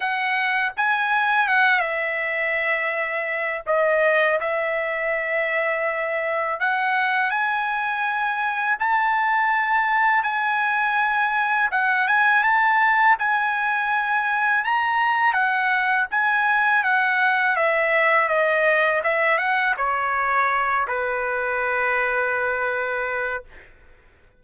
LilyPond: \new Staff \with { instrumentName = "trumpet" } { \time 4/4 \tempo 4 = 82 fis''4 gis''4 fis''8 e''4.~ | e''4 dis''4 e''2~ | e''4 fis''4 gis''2 | a''2 gis''2 |
fis''8 gis''8 a''4 gis''2 | ais''4 fis''4 gis''4 fis''4 | e''4 dis''4 e''8 fis''8 cis''4~ | cis''8 b'2.~ b'8 | }